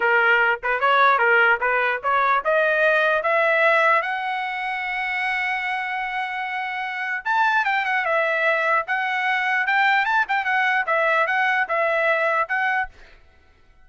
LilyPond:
\new Staff \with { instrumentName = "trumpet" } { \time 4/4 \tempo 4 = 149 ais'4. b'8 cis''4 ais'4 | b'4 cis''4 dis''2 | e''2 fis''2~ | fis''1~ |
fis''2 a''4 g''8 fis''8 | e''2 fis''2 | g''4 a''8 g''8 fis''4 e''4 | fis''4 e''2 fis''4 | }